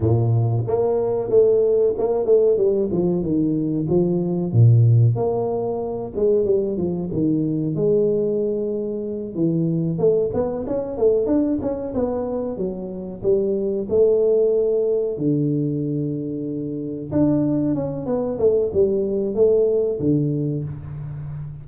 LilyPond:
\new Staff \with { instrumentName = "tuba" } { \time 4/4 \tempo 4 = 93 ais,4 ais4 a4 ais8 a8 | g8 f8 dis4 f4 ais,4 | ais4. gis8 g8 f8 dis4 | gis2~ gis8 e4 a8 |
b8 cis'8 a8 d'8 cis'8 b4 fis8~ | fis8 g4 a2 d8~ | d2~ d8 d'4 cis'8 | b8 a8 g4 a4 d4 | }